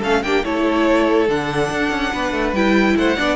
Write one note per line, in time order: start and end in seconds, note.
0.00 0.23 A3
0.00 0.24 C#4
0.00 0.21 A4
0.00 0.23 F5
0.23 0.44 A#3
0.23 0.44 D4
0.23 0.45 G4
0.23 0.44 G5
0.44 1.28 A3
0.44 1.28 E4
0.44 2.12 A4
0.44 1.28 C#5
1.28 1.70 D3
1.28 2.56 D4
1.28 2.55 F#5
1.70 1.91 D4
1.91 2.12 C#4
2.12 2.32 B3
2.12 2.96 B4
2.32 2.53 A3
2.53 2.95 G3
2.53 3.17 E4
2.53 2.97 G5
2.97 3.18 A3
2.97 3.17 C5
2.97 3.37 F#5
3.17 3.37 B3
3.17 3.37 D4
3.17 3.37 D5